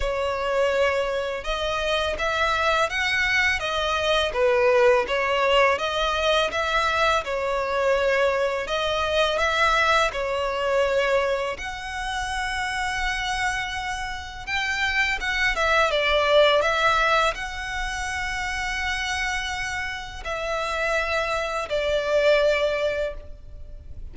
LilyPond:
\new Staff \with { instrumentName = "violin" } { \time 4/4 \tempo 4 = 83 cis''2 dis''4 e''4 | fis''4 dis''4 b'4 cis''4 | dis''4 e''4 cis''2 | dis''4 e''4 cis''2 |
fis''1 | g''4 fis''8 e''8 d''4 e''4 | fis''1 | e''2 d''2 | }